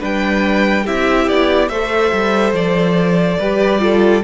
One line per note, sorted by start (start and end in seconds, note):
0.00 0.87 G3
0.00 0.85 D4
0.00 0.84 B4
0.00 0.87 G5
0.84 1.28 C4
0.84 1.71 E4
0.84 1.69 G4
0.84 1.29 E5
1.28 1.70 B3
1.28 1.68 D5
1.68 2.12 A3
1.68 3.42 A4
1.68 3.39 C5
1.68 2.53 E5
2.13 2.53 G3
2.53 3.37 F3
2.53 4.24 D5
3.39 4.24 G3
3.39 3.80 G4
3.39 3.81 B4
3.80 4.22 F4
3.80 4.24 A4